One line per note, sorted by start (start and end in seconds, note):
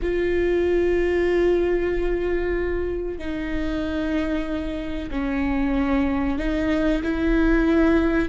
0.02 3.18 F4
3.18 5.09 D#4
5.11 6.38 C#4
6.38 7.02 D#4
7.03 8.28 E4